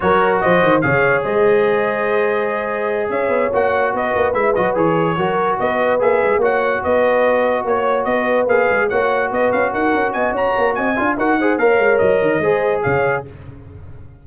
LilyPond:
<<
  \new Staff \with { instrumentName = "trumpet" } { \time 4/4 \tempo 4 = 145 cis''4 dis''4 f''4 dis''4~ | dis''2.~ dis''8 e''8~ | e''8 fis''4 dis''4 e''8 dis''8 cis''8~ | cis''4. dis''4 e''4 fis''8~ |
fis''8 dis''2 cis''4 dis''8~ | dis''8 f''4 fis''4 dis''8 f''8 fis''8~ | fis''8 gis''8 ais''4 gis''4 fis''4 | f''4 dis''2 f''4 | }
  \new Staff \with { instrumentName = "horn" } { \time 4/4 ais'4 c''4 cis''4 c''4~ | c''2.~ c''8 cis''8~ | cis''4. b'2~ b'8~ | b'8 ais'4 b'2 cis''8~ |
cis''8 b'2 cis''4 b'8~ | b'4. cis''4 b'4 ais'8~ | ais'8 dis''8 cis''4 dis''8 f''8 ais'8 c''8 | cis''2 c''4 cis''4 | }
  \new Staff \with { instrumentName = "trombone" } { \time 4/4 fis'2 gis'2~ | gis'1~ | gis'8 fis'2 e'8 fis'8 gis'8~ | gis'8 fis'2 gis'4 fis'8~ |
fis'1~ | fis'8 gis'4 fis'2~ fis'8~ | fis'2~ fis'8 f'8 fis'8 gis'8 | ais'2 gis'2 | }
  \new Staff \with { instrumentName = "tuba" } { \time 4/4 fis4 f8 dis8 cis4 gis4~ | gis2.~ gis8 cis'8 | b8 ais4 b8 ais8 gis8 fis8 e8~ | e8 fis4 b4 ais8 gis8 ais8~ |
ais8 b2 ais4 b8~ | b8 ais8 gis8 ais4 b8 cis'8 dis'8 | cis'8 b8 cis'8 ais8 c'8 d'8 dis'4 | ais8 gis8 fis8 dis8 gis4 cis4 | }
>>